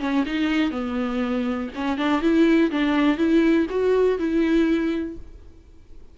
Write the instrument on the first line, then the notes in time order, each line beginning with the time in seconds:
viola
0.00 C#4
0.26 D#4
0.71 B3
1.75 C#4
1.98 D4
2.22 E4
2.71 D4
3.18 E4
3.70 F#4
4.19 E4